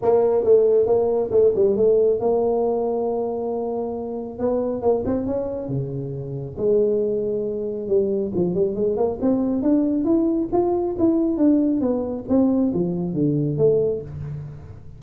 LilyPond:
\new Staff \with { instrumentName = "tuba" } { \time 4/4 \tempo 4 = 137 ais4 a4 ais4 a8 g8 | a4 ais2.~ | ais2 b4 ais8 c'8 | cis'4 cis2 gis4~ |
gis2 g4 f8 g8 | gis8 ais8 c'4 d'4 e'4 | f'4 e'4 d'4 b4 | c'4 f4 d4 a4 | }